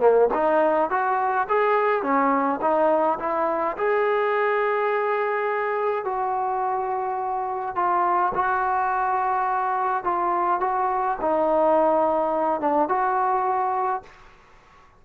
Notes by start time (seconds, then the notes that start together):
0.00 A#3
0.34 D#4
0.91 F#4
1.49 G#4
2.03 C#4
2.62 D#4
3.20 E4
3.77 G#4
6.05 F#4
7.76 F4
8.35 F#4
10.04 F4
10.61 F#4
11.21 D#4
12.61 D4
12.89 F#4